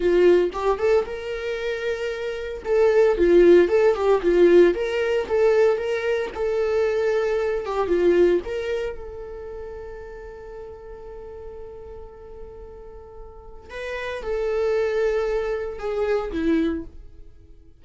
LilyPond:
\new Staff \with { instrumentName = "viola" } { \time 4/4 \tempo 4 = 114 f'4 g'8 a'8 ais'2~ | ais'4 a'4 f'4 a'8 g'8 | f'4 ais'4 a'4 ais'4 | a'2~ a'8 g'8 f'4 |
ais'4 a'2.~ | a'1~ | a'2 b'4 a'4~ | a'2 gis'4 e'4 | }